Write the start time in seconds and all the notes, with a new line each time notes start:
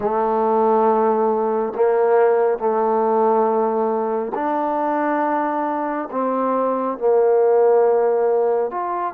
0.00 A3
1.75 A#3
2.58 A3
4.34 D4
6.11 C4
6.98 A#3
8.70 F4